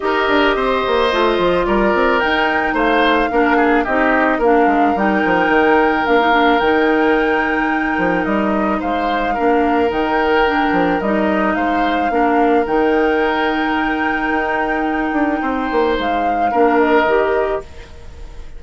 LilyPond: <<
  \new Staff \with { instrumentName = "flute" } { \time 4/4 \tempo 4 = 109 dis''2. d''4 | g''4 f''2 dis''4 | f''4 g''2 f''4 | g''2. dis''4 |
f''2 g''2 | dis''4 f''2 g''4~ | g''1~ | g''4 f''4. dis''4. | }
  \new Staff \with { instrumentName = "oboe" } { \time 4/4 ais'4 c''2 ais'4~ | ais'4 c''4 ais'8 gis'8 g'4 | ais'1~ | ais'1 |
c''4 ais'2.~ | ais'4 c''4 ais'2~ | ais'1 | c''2 ais'2 | }
  \new Staff \with { instrumentName = "clarinet" } { \time 4/4 g'2 f'2 | dis'2 d'4 dis'4 | d'4 dis'2 d'16 dis'16 d'8 | dis'1~ |
dis'4 d'4 dis'4 d'4 | dis'2 d'4 dis'4~ | dis'1~ | dis'2 d'4 g'4 | }
  \new Staff \with { instrumentName = "bassoon" } { \time 4/4 dis'8 d'8 c'8 ais8 a8 f8 g8 c'8 | dis'4 a4 ais4 c'4 | ais8 gis8 g8 f8 dis4 ais4 | dis2~ dis8 f8 g4 |
gis4 ais4 dis4. f8 | g4 gis4 ais4 dis4~ | dis2 dis'4. d'8 | c'8 ais8 gis4 ais4 dis4 | }
>>